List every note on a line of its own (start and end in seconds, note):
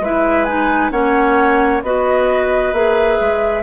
0.00 0.91 G#3
0.00 0.48 E4
0.00 0.92 B4
0.00 0.45 E5
0.45 0.91 D#4
0.45 0.90 G#5
0.91 1.82 A#3
0.91 1.82 C#4
0.91 1.83 C#5
0.91 1.82 F#5
1.82 2.73 B3
1.82 2.74 F#4
1.82 3.63 B4
1.82 2.74 D#5
2.73 3.18 A#3
2.73 3.63 G#4
2.73 3.63 E5
3.20 3.63 G#3